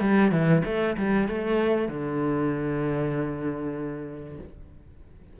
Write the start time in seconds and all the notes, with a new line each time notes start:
0.00 G3
0.31 E3
0.64 A3
0.97 G3
1.28 A3
1.88 D3